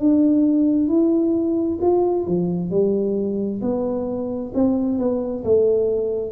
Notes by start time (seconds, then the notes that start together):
0.00 D4
0.88 E4
1.82 F4
2.27 F3
2.71 G3
3.62 B3
4.55 C4
4.98 B3
5.44 A3